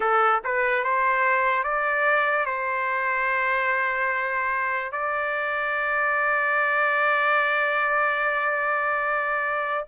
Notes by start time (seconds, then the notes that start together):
0.00 A4
0.44 B4
0.84 C5
1.63 D5
2.45 C5
4.91 D5